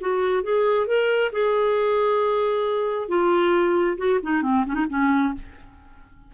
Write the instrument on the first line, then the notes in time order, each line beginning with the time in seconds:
clarinet
0.00 F#4
0.43 G#4
0.86 A#4
1.32 G#4
3.08 F4
3.97 F#4
4.22 D#4
4.42 C4
4.66 C#4
4.74 D#4
4.89 C#4